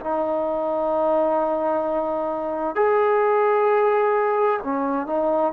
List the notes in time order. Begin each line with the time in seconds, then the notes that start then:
0.00 D#4
2.75 G#4
4.63 C#4
5.06 D#4